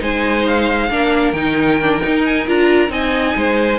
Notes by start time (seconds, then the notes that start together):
0.00 G#3 D#4 C5 G#5
0.46 F5
0.90 A#3 D4 A#4
1.32 D#3 D#4 G5
1.82 D4
2.02 D#4
2.25 G#5
2.47 D4 F4 A#5
2.89 C4 D#4 D#5 G#5
3.36 G#3 C5